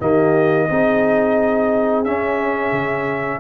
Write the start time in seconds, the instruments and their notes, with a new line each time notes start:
0.00 tuba D#3, trombone A#3, horn G4, trumpet D#5
0.69 tuba C4, trombone D#4, horn G#4
2.05 tuba C#4, trombone C#4, trumpet E5
2.72 tuba C#3